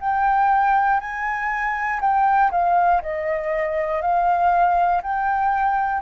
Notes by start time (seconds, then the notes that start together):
0.00 G5
1.00 G#5
2.01 G5
2.51 F5
3.02 D#5
4.01 F5
5.02 G5